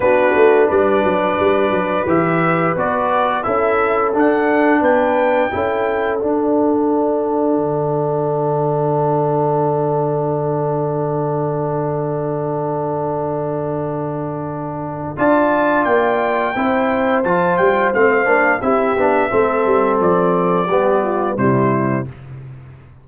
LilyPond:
<<
  \new Staff \with { instrumentName = "trumpet" } { \time 4/4 \tempo 4 = 87 b'4 d''2 e''4 | d''4 e''4 fis''4 g''4~ | g''4 fis''2.~ | fis''1~ |
fis''1~ | fis''2 a''4 g''4~ | g''4 a''8 g''8 f''4 e''4~ | e''4 d''2 c''4 | }
  \new Staff \with { instrumentName = "horn" } { \time 4/4 fis'4 b'2.~ | b'4 a'2 b'4 | a'1~ | a'1~ |
a'1~ | a'2 d''2 | c''2. g'4 | a'2 g'8 f'8 e'4 | }
  \new Staff \with { instrumentName = "trombone" } { \time 4/4 d'2. g'4 | fis'4 e'4 d'2 | e'4 d'2.~ | d'1~ |
d'1~ | d'2 f'2 | e'4 f'4 c'8 d'8 e'8 d'8 | c'2 b4 g4 | }
  \new Staff \with { instrumentName = "tuba" } { \time 4/4 b8 a8 g8 fis8 g8 fis8 e4 | b4 cis'4 d'4 b4 | cis'4 d'2 d4~ | d1~ |
d1~ | d2 d'4 ais4 | c'4 f8 g8 a8 ais8 c'8 b8 | a8 g8 f4 g4 c4 | }
>>